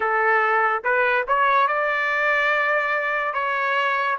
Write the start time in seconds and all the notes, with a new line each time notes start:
0.00 A4
0.83 B4
1.27 C#5
1.67 D5
3.33 C#5